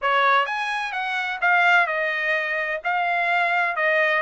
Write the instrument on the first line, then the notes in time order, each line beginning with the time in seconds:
trumpet
0.01 C#5
0.46 G#5
0.92 F#5
1.41 F5
1.86 D#5
2.84 F5
3.76 D#5